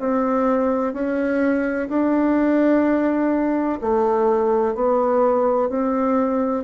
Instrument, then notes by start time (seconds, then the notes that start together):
bassoon
0.00 C4
0.94 C#4
1.89 D4
3.81 A3
4.75 B3
5.69 C4